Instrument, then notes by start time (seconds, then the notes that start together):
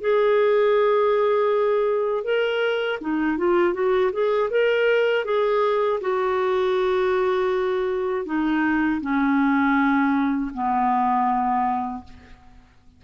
clarinet
0.00 G#4
2.24 A#4
3.00 D#4
3.38 F4
3.73 F#4
4.12 G#4
4.50 A#4
5.25 G#4
6.00 F#4
8.25 D#4
9.01 C#4
10.54 B3